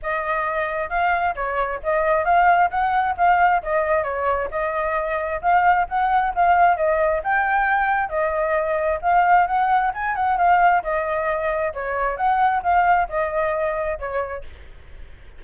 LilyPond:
\new Staff \with { instrumentName = "flute" } { \time 4/4 \tempo 4 = 133 dis''2 f''4 cis''4 | dis''4 f''4 fis''4 f''4 | dis''4 cis''4 dis''2 | f''4 fis''4 f''4 dis''4 |
g''2 dis''2 | f''4 fis''4 gis''8 fis''8 f''4 | dis''2 cis''4 fis''4 | f''4 dis''2 cis''4 | }